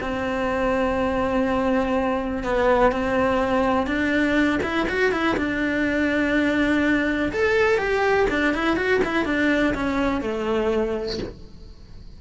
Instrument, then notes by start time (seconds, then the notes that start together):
cello
0.00 C4
2.43 B3
2.91 C4
3.86 D4
4.62 E4
4.88 F#4
5.12 E4
5.36 D4
7.32 A4
7.78 G4
8.29 D4
8.54 E4
8.76 F#4
9.04 E4
9.25 D4
9.74 C#4
10.21 A3